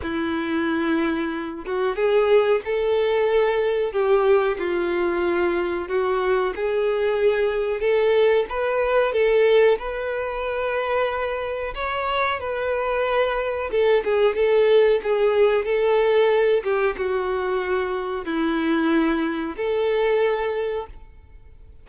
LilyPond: \new Staff \with { instrumentName = "violin" } { \time 4/4 \tempo 4 = 92 e'2~ e'8 fis'8 gis'4 | a'2 g'4 f'4~ | f'4 fis'4 gis'2 | a'4 b'4 a'4 b'4~ |
b'2 cis''4 b'4~ | b'4 a'8 gis'8 a'4 gis'4 | a'4. g'8 fis'2 | e'2 a'2 | }